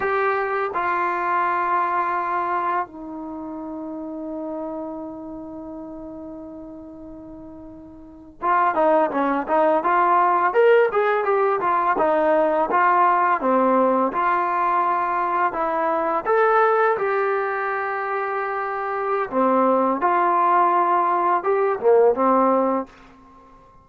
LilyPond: \new Staff \with { instrumentName = "trombone" } { \time 4/4 \tempo 4 = 84 g'4 f'2. | dis'1~ | dis'2.~ dis'8. f'16~ | f'16 dis'8 cis'8 dis'8 f'4 ais'8 gis'8 g'16~ |
g'16 f'8 dis'4 f'4 c'4 f'16~ | f'4.~ f'16 e'4 a'4 g'16~ | g'2. c'4 | f'2 g'8 ais8 c'4 | }